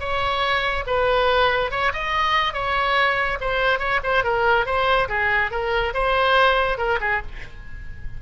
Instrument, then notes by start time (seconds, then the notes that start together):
oboe
0.00 C#5
0.87 B4
1.72 C#5
1.93 D#5
2.54 C#5
3.41 C5
3.79 C#5
4.04 C5
4.24 A#4
4.66 C5
5.09 G#4
5.51 A#4
5.94 C5
6.78 A#4
7.01 G#4